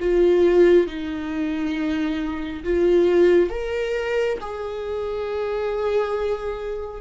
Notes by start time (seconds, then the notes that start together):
0.00 F4
0.87 D#4
2.64 F4
3.50 A#4
4.41 G#4